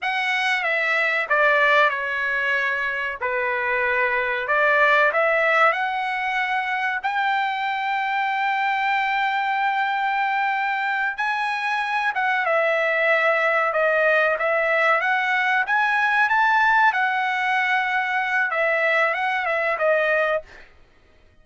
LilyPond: \new Staff \with { instrumentName = "trumpet" } { \time 4/4 \tempo 4 = 94 fis''4 e''4 d''4 cis''4~ | cis''4 b'2 d''4 | e''4 fis''2 g''4~ | g''1~ |
g''4. gis''4. fis''8 e''8~ | e''4. dis''4 e''4 fis''8~ | fis''8 gis''4 a''4 fis''4.~ | fis''4 e''4 fis''8 e''8 dis''4 | }